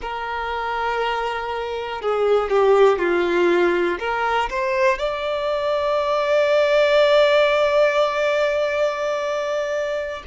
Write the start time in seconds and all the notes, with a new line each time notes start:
0.01 A#4
2.01 G#4
2.50 G4
2.98 F4
3.99 A#4
4.49 C5
4.98 D5